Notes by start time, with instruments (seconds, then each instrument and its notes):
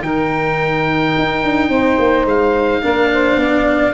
0.00 tuba D#3, cello D#4, saxophone A#4, oboe G5
1.18 tuba D#4
1.43 tuba D4
1.69 tuba C4, saxophone C5
1.98 tuba A#3
2.25 tuba G#3, oboe F5
2.81 tuba A#3, cello D4, saxophone A#4
3.13 saxophone C5
3.36 tuba B3, saxophone D5